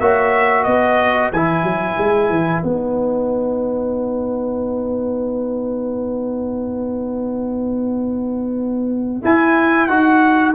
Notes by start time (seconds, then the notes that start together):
0.00 A#3 F#4 C#5 E5
0.64 B3 B4 D#5
1.32 E3 E4 G#5
1.63 F#3
1.98 G#3
2.30 E3
2.62 B3 D#4 F#5
9.23 E4 G#5
9.87 D#4 F#4 F#5